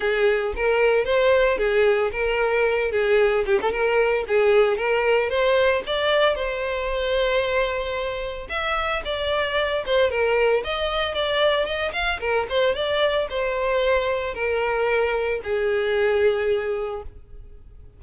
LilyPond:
\new Staff \with { instrumentName = "violin" } { \time 4/4 \tempo 4 = 113 gis'4 ais'4 c''4 gis'4 | ais'4. gis'4 g'16 a'16 ais'4 | gis'4 ais'4 c''4 d''4 | c''1 |
e''4 d''4. c''8 ais'4 | dis''4 d''4 dis''8 f''8 ais'8 c''8 | d''4 c''2 ais'4~ | ais'4 gis'2. | }